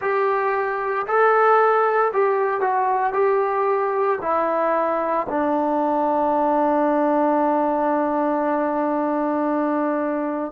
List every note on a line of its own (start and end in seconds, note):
0.01 1.06 G4
1.06 2.11 A4
2.13 2.60 G4
2.60 3.13 F#4
3.13 4.18 G4
4.21 5.26 E4
5.29 10.51 D4